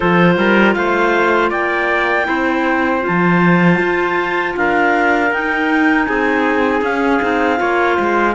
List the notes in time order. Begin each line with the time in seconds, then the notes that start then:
0.00 F3 F4 A4 C5
0.37 G3 A#4
0.73 A3 C5 F5
1.50 A#3 D5 G5
2.24 C4 E4 C5
3.00 F4
3.06 F3 A5
3.79 F4
4.56 D4 A#4 F5
5.31 D#4 G5
6.05 C4 G#4 G#5
6.81 C#4 F5
7.21 C4 D#4
7.56 A#3 F4 C#5
7.94 G#3 C5